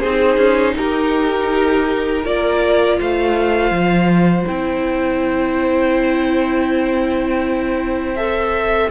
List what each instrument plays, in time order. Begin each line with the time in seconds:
0.00 cello C4, viola D#4, violin G#4 C5
0.37 cello C#4
0.77 cello D#4, violin G4 A#4
2.23 cello A#3, viola F4, violin A#4 D5
2.98 cello A3, violin C5 F5
3.71 cello F3
4.47 cello C4, viola E4, violin G5
8.15 viola A4, violin E5